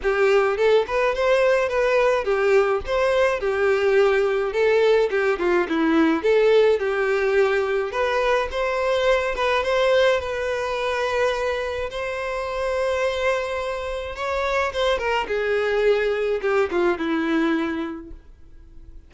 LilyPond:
\new Staff \with { instrumentName = "violin" } { \time 4/4 \tempo 4 = 106 g'4 a'8 b'8 c''4 b'4 | g'4 c''4 g'2 | a'4 g'8 f'8 e'4 a'4 | g'2 b'4 c''4~ |
c''8 b'8 c''4 b'2~ | b'4 c''2.~ | c''4 cis''4 c''8 ais'8 gis'4~ | gis'4 g'8 f'8 e'2 | }